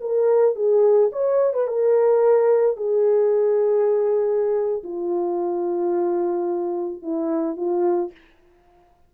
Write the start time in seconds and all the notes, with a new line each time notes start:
0.00 A#4
0.55 G#4
1.12 C#5
1.53 B4
1.67 A#4
2.76 G#4
4.83 F4
7.02 E4
7.56 F4